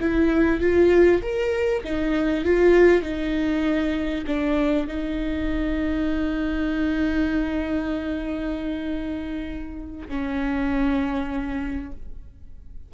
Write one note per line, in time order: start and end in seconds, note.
0.00 0.60 E4
0.60 1.21 F4
1.22 1.83 A#4
1.83 2.44 D#4
2.44 3.02 F4
3.02 4.24 D#4
4.26 4.87 D4
4.87 10.07 D#4
10.08 11.91 C#4